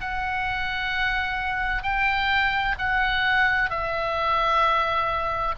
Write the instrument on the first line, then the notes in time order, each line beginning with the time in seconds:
oboe
0.00 F#5
1.83 G5
2.78 F#5
3.70 E5